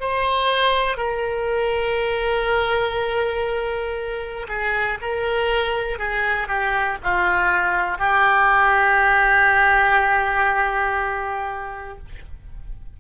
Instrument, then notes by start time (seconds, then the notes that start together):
oboe
0.00 C5
0.97 A#4
4.48 G#4
5.02 A#4
5.99 G#4
6.48 G4
7.04 F4
7.98 G4